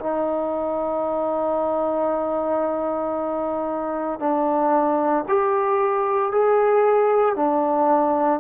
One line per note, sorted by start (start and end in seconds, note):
0.00 4.20 D#4
4.20 5.25 D4
5.28 6.32 G4
6.32 7.36 G#4
7.36 8.40 D4